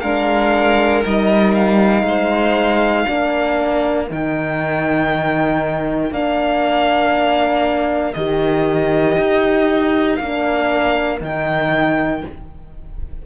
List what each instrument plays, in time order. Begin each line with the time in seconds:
0.00 cello G#3, horn D4, violin A#4 F5
1.03 cello G3, horn D#4, violin D#5
1.54 violin F5
2.03 cello G#3, violin C5
3.06 cello A#3, horn D4, violin A#4
4.10 cello D#3, horn D#4, violin G5
6.11 cello A#3, horn D4, violin F5
8.14 cello D#3, horn G4, violin D#5
9.18 cello D#4
10.16 cello A#3, horn D4, violin F5
11.20 cello D#3, horn D#4, violin G5